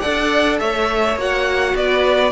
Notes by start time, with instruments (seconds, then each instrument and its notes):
0.00 cello D4, viola A4, violin D5 F#5
0.60 cello A3, violin C#5 E5
1.16 cello A#3, viola F#4, violin F#5
1.75 cello B3, violin B4 D5